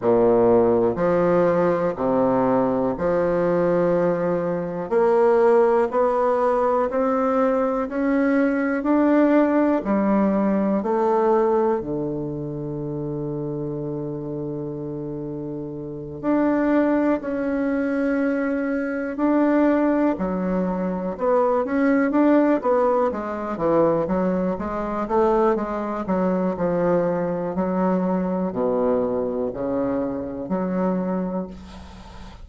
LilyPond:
\new Staff \with { instrumentName = "bassoon" } { \time 4/4 \tempo 4 = 61 ais,4 f4 c4 f4~ | f4 ais4 b4 c'4 | cis'4 d'4 g4 a4 | d1~ |
d8 d'4 cis'2 d'8~ | d'8 fis4 b8 cis'8 d'8 b8 gis8 | e8 fis8 gis8 a8 gis8 fis8 f4 | fis4 b,4 cis4 fis4 | }